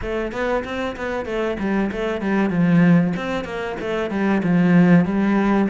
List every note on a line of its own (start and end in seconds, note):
0.01 0.32 A3
0.32 0.63 B3
0.64 0.96 C4
0.96 1.25 B3
1.25 1.57 A3
1.59 1.90 G3
1.91 2.21 A3
2.21 2.49 G3
2.49 3.13 F3
3.16 3.44 C4
3.44 3.76 A#3
3.80 4.10 A3
4.10 4.42 G3
4.43 5.05 F3
5.05 5.68 G3